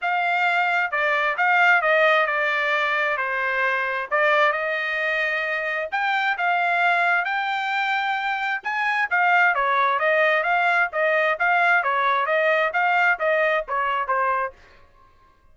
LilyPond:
\new Staff \with { instrumentName = "trumpet" } { \time 4/4 \tempo 4 = 132 f''2 d''4 f''4 | dis''4 d''2 c''4~ | c''4 d''4 dis''2~ | dis''4 g''4 f''2 |
g''2. gis''4 | f''4 cis''4 dis''4 f''4 | dis''4 f''4 cis''4 dis''4 | f''4 dis''4 cis''4 c''4 | }